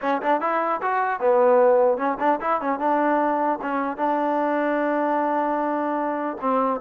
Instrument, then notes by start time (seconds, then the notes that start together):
trombone
0.01 C#4
0.22 D4
0.40 E4
0.82 F#4
1.20 B3
1.97 C#4
2.19 D4
2.41 E4
2.60 C#4
2.79 D4
3.61 C#4
3.97 D4
6.41 C4